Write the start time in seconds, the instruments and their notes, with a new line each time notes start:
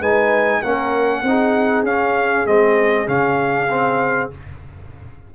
0.00 tuba G#3, trombone D#4, horn B4, trumpet G#5
0.61 tuba A#3, trombone C#4, horn A#4, trumpet F#5
1.22 tuba C4, trombone D#4, horn G#4
1.83 tuba C#4, trombone C#4, trumpet F5
2.46 tuba G#3, trombone C4, trumpet D#5
3.07 tuba C#3, trombone C#4, trumpet F5
3.70 trombone C4